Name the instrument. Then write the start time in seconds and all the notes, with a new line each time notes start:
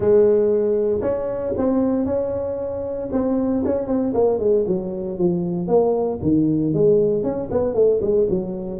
tuba
0.00 G#3
1.01 C#4
1.57 C4
2.05 C#4
3.12 C4
3.65 C#4
3.87 C4
4.14 A#3
4.39 G#3
4.67 F#3
5.17 F3
5.67 A#3
6.22 D#3
6.73 G#3
7.23 C#4
7.50 B3
7.74 A3
8.01 G#3
8.29 F#3